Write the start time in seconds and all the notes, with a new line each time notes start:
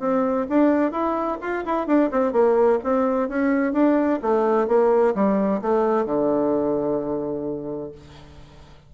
0.00 C4
0.49 D4
0.92 E4
1.41 F4
1.66 E4
1.87 D4
2.11 C4
2.33 A#3
2.84 C4
3.29 C#4
3.73 D4
4.22 A3
4.68 A#3
5.15 G3
5.62 A3
6.06 D3